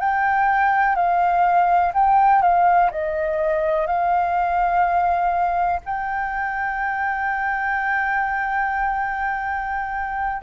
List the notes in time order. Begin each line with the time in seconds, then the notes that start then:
0.00 G5
0.95 F5
1.94 G5
2.42 F5
2.91 D#5
3.87 F5
5.85 G5